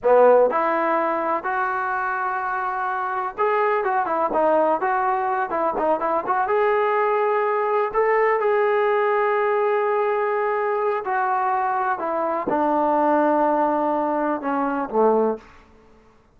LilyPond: \new Staff \with { instrumentName = "trombone" } { \time 4/4 \tempo 4 = 125 b4 e'2 fis'4~ | fis'2. gis'4 | fis'8 e'8 dis'4 fis'4. e'8 | dis'8 e'8 fis'8 gis'2~ gis'8~ |
gis'8 a'4 gis'2~ gis'8~ | gis'2. fis'4~ | fis'4 e'4 d'2~ | d'2 cis'4 a4 | }